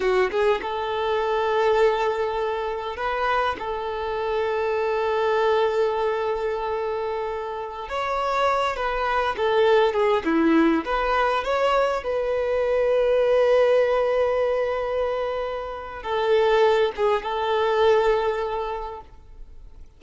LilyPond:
\new Staff \with { instrumentName = "violin" } { \time 4/4 \tempo 4 = 101 fis'8 gis'8 a'2.~ | a'4 b'4 a'2~ | a'1~ | a'4~ a'16 cis''4. b'4 a'16~ |
a'8. gis'8 e'4 b'4 cis''8.~ | cis''16 b'2.~ b'8.~ | b'2. a'4~ | a'8 gis'8 a'2. | }